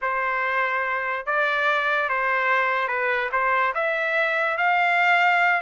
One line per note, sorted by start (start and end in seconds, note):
0.01 1.26 C5
1.26 2.09 D5
2.09 2.87 C5
2.87 3.29 B4
3.32 3.73 C5
3.74 4.57 E5
4.57 5.61 F5